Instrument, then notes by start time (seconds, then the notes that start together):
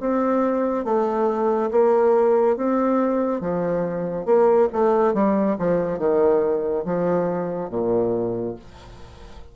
bassoon
0.00 C4
0.85 A3
1.71 A#3
2.57 C4
3.41 F3
4.26 A#3
4.73 A3
5.14 G3
5.59 F3
5.99 D#3
6.85 F3
7.70 A#2